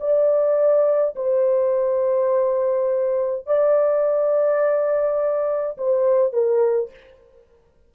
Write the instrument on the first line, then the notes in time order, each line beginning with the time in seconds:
horn
0.00 D5
1.16 C5
3.47 D5
5.77 C5
6.33 A#4